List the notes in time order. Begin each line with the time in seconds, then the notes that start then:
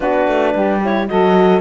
0.00 B3 D4 F#4 B4
0.27 A3
0.54 G3 G4
0.84 E4 C#5
1.08 F#3 F#4 A4 D#5